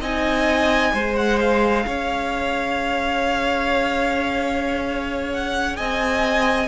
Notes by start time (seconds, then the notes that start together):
0.00 C4 D#4 D#5 G#5
0.93 G#3 G#4 C5
1.16 F#5
1.40 F5
1.86 C#4 C#5
5.32 F#5
5.76 C4 D#5 G#5